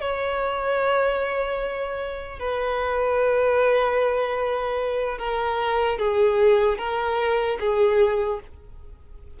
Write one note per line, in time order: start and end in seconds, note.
0.00 2.39 C#5
2.39 5.18 B4
5.18 5.98 A#4
5.98 6.77 G#4
6.77 7.57 A#4
7.60 8.40 G#4